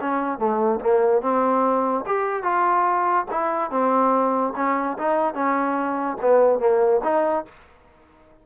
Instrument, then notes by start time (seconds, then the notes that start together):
trombone
0.00 C#4
0.38 A3
0.80 A#3
1.22 C4
2.06 G4
2.42 F4
3.30 E4
3.70 C4
4.56 C#4
4.98 D#4
5.34 C#4
6.21 B3
6.59 A#3
7.03 D#4